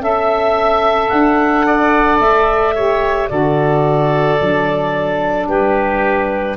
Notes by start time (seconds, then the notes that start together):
0.00 C#4 A4 E5
1.08 D4 F#5
1.66 D5
2.19 A3 E5
2.75 G4 C#5
3.28 D3 F#4 A4 D5
4.39 F#3 D4
5.47 G3 G4 B4